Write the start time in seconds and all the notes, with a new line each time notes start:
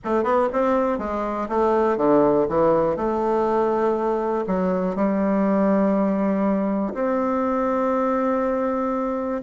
0.04 A3
0.23 B3
0.53 C4
0.98 G#3
1.48 A3
1.97 D3
2.48 E3
2.96 A3
4.47 F#3
4.95 G3
6.94 C4